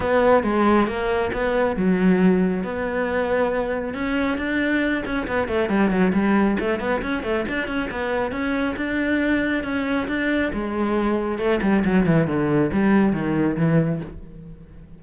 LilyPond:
\new Staff \with { instrumentName = "cello" } { \time 4/4 \tempo 4 = 137 b4 gis4 ais4 b4 | fis2 b2~ | b4 cis'4 d'4. cis'8 | b8 a8 g8 fis8 g4 a8 b8 |
cis'8 a8 d'8 cis'8 b4 cis'4 | d'2 cis'4 d'4 | gis2 a8 g8 fis8 e8 | d4 g4 dis4 e4 | }